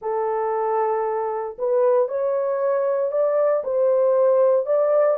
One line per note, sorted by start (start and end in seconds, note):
0.01 1.56 A4
1.58 2.08 B4
2.08 3.11 C#5
3.11 3.63 D5
3.63 4.66 C5
4.66 5.17 D5